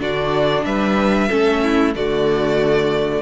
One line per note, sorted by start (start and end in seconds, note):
0.00 0.65 D3
0.00 1.29 D4
0.00 0.66 F#4
0.00 0.64 D5
0.64 1.29 G3
0.64 1.28 B4
0.64 1.93 E5
1.28 1.95 A3
1.28 1.94 C#4
1.28 1.61 A4
1.63 1.95 E4
1.95 3.22 D3
1.95 3.22 A3
1.95 3.22 F#4
1.95 3.22 D5